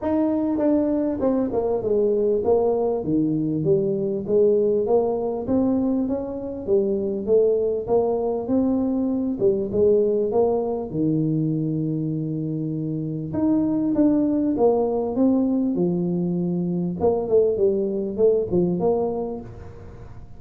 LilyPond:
\new Staff \with { instrumentName = "tuba" } { \time 4/4 \tempo 4 = 99 dis'4 d'4 c'8 ais8 gis4 | ais4 dis4 g4 gis4 | ais4 c'4 cis'4 g4 | a4 ais4 c'4. g8 |
gis4 ais4 dis2~ | dis2 dis'4 d'4 | ais4 c'4 f2 | ais8 a8 g4 a8 f8 ais4 | }